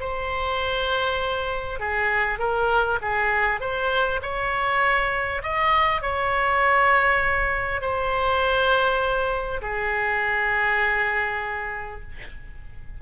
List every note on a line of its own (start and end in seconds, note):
0.00 1.80 C5
1.80 2.39 G#4
2.39 2.99 A#4
3.02 3.61 G#4
3.61 4.21 C5
4.22 5.42 C#5
5.43 6.02 D#5
6.02 7.81 C#5
7.81 9.61 C5
9.62 12.02 G#4